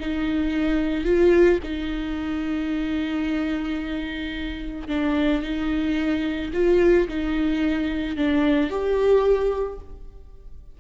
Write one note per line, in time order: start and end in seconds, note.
0.00 1.05 D#4
1.05 1.59 F4
1.64 4.88 D#4
4.88 5.42 D4
5.42 6.52 D#4
6.53 7.08 F4
7.08 8.16 D#4
8.16 8.70 D4
8.70 9.79 G4